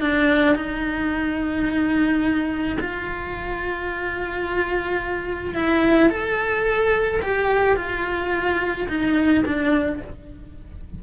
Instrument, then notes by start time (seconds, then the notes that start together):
cello
0.00 D4
0.55 D#4
2.80 F4
5.54 E4
6.09 A4
7.22 G4
7.76 F4
8.88 D#4
9.45 D4